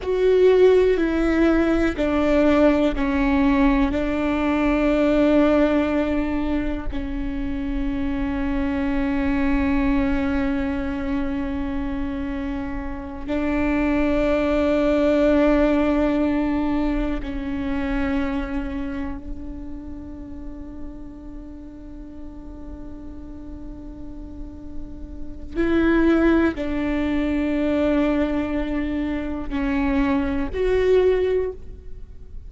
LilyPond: \new Staff \with { instrumentName = "viola" } { \time 4/4 \tempo 4 = 61 fis'4 e'4 d'4 cis'4 | d'2. cis'4~ | cis'1~ | cis'4. d'2~ d'8~ |
d'4. cis'2 d'8~ | d'1~ | d'2 e'4 d'4~ | d'2 cis'4 fis'4 | }